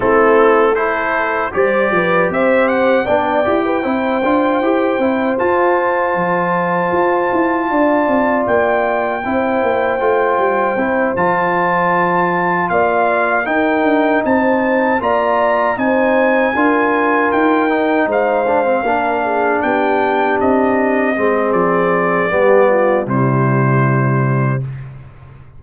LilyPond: <<
  \new Staff \with { instrumentName = "trumpet" } { \time 4/4 \tempo 4 = 78 a'4 c''4 d''4 e''8 fis''8 | g''2. a''4~ | a''2. g''4~ | g''2~ g''8 a''4.~ |
a''8 f''4 g''4 a''4 ais''8~ | ais''8 gis''2 g''4 f''8~ | f''4. g''4 dis''4. | d''2 c''2 | }
  \new Staff \with { instrumentName = "horn" } { \time 4/4 e'4 a'4 c''8 b'8 c''4 | d''8. b'16 c''2.~ | c''2 d''2 | c''1~ |
c''8 d''4 ais'4 c''4 d''8~ | d''8 c''4 ais'2 c''8~ | c''8 ais'8 gis'8 g'2 gis'8~ | gis'4 g'8 f'8 e'2 | }
  \new Staff \with { instrumentName = "trombone" } { \time 4/4 c'4 e'4 g'2 | d'8 g'8 e'8 f'8 g'8 e'8 f'4~ | f'1 | e'4 f'4 e'8 f'4.~ |
f'4. dis'2 f'8~ | f'8 dis'4 f'4. dis'4 | d'16 c'16 d'2. c'8~ | c'4 b4 g2 | }
  \new Staff \with { instrumentName = "tuba" } { \time 4/4 a2 g8 f8 c'4 | b8 e'8 c'8 d'8 e'8 c'8 f'4 | f4 f'8 e'8 d'8 c'8 ais4 | c'8 ais8 a8 g8 c'8 f4.~ |
f8 ais4 dis'8 d'8 c'4 ais8~ | ais8 c'4 d'4 dis'4 gis8~ | gis8 ais4 b4 c'4 gis8 | f4 g4 c2 | }
>>